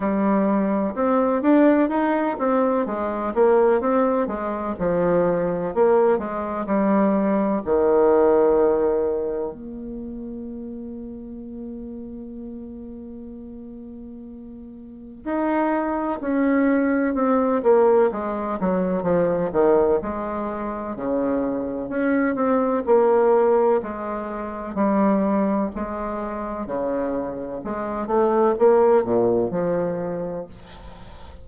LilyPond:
\new Staff \with { instrumentName = "bassoon" } { \time 4/4 \tempo 4 = 63 g4 c'8 d'8 dis'8 c'8 gis8 ais8 | c'8 gis8 f4 ais8 gis8 g4 | dis2 ais2~ | ais1 |
dis'4 cis'4 c'8 ais8 gis8 fis8 | f8 dis8 gis4 cis4 cis'8 c'8 | ais4 gis4 g4 gis4 | cis4 gis8 a8 ais8 ais,8 f4 | }